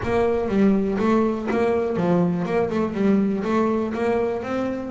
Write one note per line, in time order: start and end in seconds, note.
0.03 0.48 A#3
0.48 0.97 G3
0.99 1.48 A3
1.50 1.96 A#3
1.96 2.45 F3
2.45 2.69 A#3
2.70 2.94 A3
2.94 3.43 G3
3.43 3.93 A3
3.93 4.42 A#3
4.42 4.90 C4